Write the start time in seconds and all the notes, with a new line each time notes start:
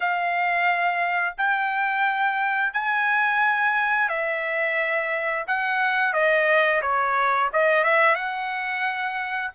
0.00 F5
1.37 G5
2.73 G#5
4.08 E5
5.47 F#5
6.13 D#5
6.82 C#5
7.52 D#5
7.84 E5
8.15 F#5